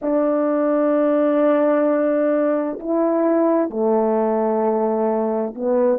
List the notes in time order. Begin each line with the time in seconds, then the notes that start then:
0.02 D4
2.79 E4
3.69 A3
5.55 B3